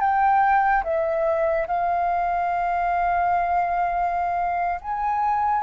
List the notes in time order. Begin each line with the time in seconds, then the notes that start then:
0.00 G5
0.83 E5
1.67 F5
4.81 G#5